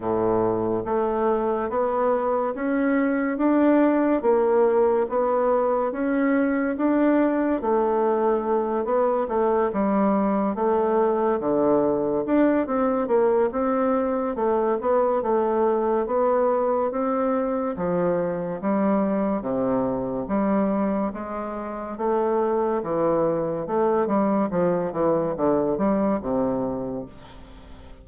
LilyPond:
\new Staff \with { instrumentName = "bassoon" } { \time 4/4 \tempo 4 = 71 a,4 a4 b4 cis'4 | d'4 ais4 b4 cis'4 | d'4 a4. b8 a8 g8~ | g8 a4 d4 d'8 c'8 ais8 |
c'4 a8 b8 a4 b4 | c'4 f4 g4 c4 | g4 gis4 a4 e4 | a8 g8 f8 e8 d8 g8 c4 | }